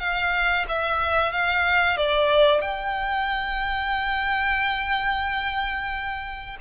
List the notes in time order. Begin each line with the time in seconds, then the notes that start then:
0.00 F5
0.69 E5
1.32 F5
1.97 D5
2.61 G5